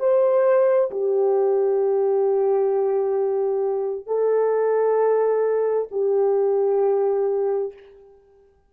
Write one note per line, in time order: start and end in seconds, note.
0.00 0.91 C5
0.91 4.07 G4
4.07 5.88 A4
5.92 7.74 G4